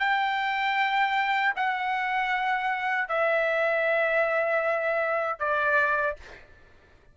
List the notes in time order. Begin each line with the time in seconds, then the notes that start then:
0.00 G5
1.56 F#5
3.08 E5
5.40 D5